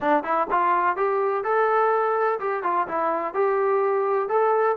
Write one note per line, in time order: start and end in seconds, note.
0.00 0.23 D4
0.23 0.47 E4
0.50 0.96 F4
0.96 1.44 G4
1.44 2.39 A4
2.39 2.63 G4
2.63 2.87 F4
2.87 3.33 E4
3.33 4.28 G4
4.28 4.76 A4